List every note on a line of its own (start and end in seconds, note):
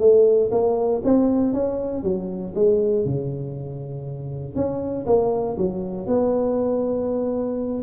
0.00 0.50 A3
0.52 1.02 A#3
1.04 1.53 C4
1.53 2.03 C#4
2.03 2.53 F#3
2.55 3.05 G#3
3.05 4.56 C#3
4.56 5.06 C#4
5.06 5.57 A#3
5.57 6.07 F#3
6.07 7.83 B3